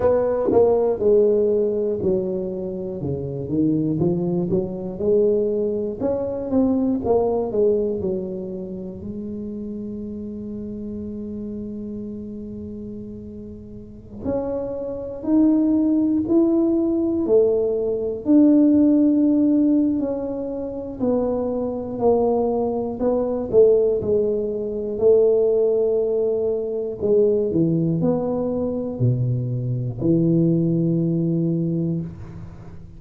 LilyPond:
\new Staff \with { instrumentName = "tuba" } { \time 4/4 \tempo 4 = 60 b8 ais8 gis4 fis4 cis8 dis8 | f8 fis8 gis4 cis'8 c'8 ais8 gis8 | fis4 gis2.~ | gis2~ gis16 cis'4 dis'8.~ |
dis'16 e'4 a4 d'4.~ d'16 | cis'4 b4 ais4 b8 a8 | gis4 a2 gis8 e8 | b4 b,4 e2 | }